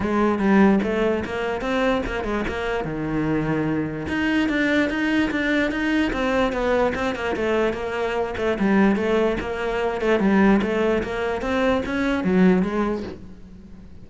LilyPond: \new Staff \with { instrumentName = "cello" } { \time 4/4 \tempo 4 = 147 gis4 g4 a4 ais4 | c'4 ais8 gis8 ais4 dis4~ | dis2 dis'4 d'4 | dis'4 d'4 dis'4 c'4 |
b4 c'8 ais8 a4 ais4~ | ais8 a8 g4 a4 ais4~ | ais8 a8 g4 a4 ais4 | c'4 cis'4 fis4 gis4 | }